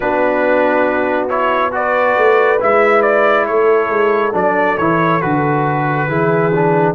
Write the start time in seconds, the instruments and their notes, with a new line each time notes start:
0.00 tuba B3, trombone D4, horn F#4, trumpet B4
1.28 trombone E4, trumpet C#5
1.71 trombone F#4, horn B4, trumpet D5
2.16 tuba A3
2.60 tuba G#3, trombone E4, trumpet E5
3.02 trumpet D5
3.46 tuba A3, horn A4, trumpet C#5
3.89 tuba G#3
4.32 tuba F#3, trombone D4, trumpet D5
4.77 tuba E3, trombone E4, trumpet C#5
5.21 tuba D3, trombone F#4, trumpet B4
6.07 tuba E3, trombone E4, horn G#4
6.54 trombone D4